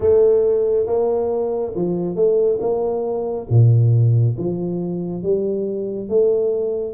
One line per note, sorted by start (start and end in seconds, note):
0.00 0.86 A3
0.86 1.73 A#3
1.75 2.15 F3
2.15 2.58 A3
2.60 3.47 A#3
3.49 4.36 A#2
4.37 5.23 F3
5.23 6.09 G3
6.09 6.94 A3